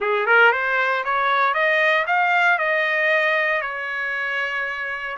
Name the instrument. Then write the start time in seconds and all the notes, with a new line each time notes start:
trumpet
0.00 G#4
0.26 A#4
0.52 C5
1.04 C#5
1.54 D#5
2.06 F5
2.58 D#5
3.61 C#5